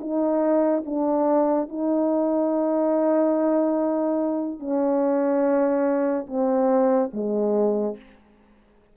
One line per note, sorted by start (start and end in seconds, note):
0.00 0.83 D#4
0.85 1.69 D4
1.69 4.59 D#4
4.59 6.26 C#4
6.27 7.10 C4
7.13 7.96 G#3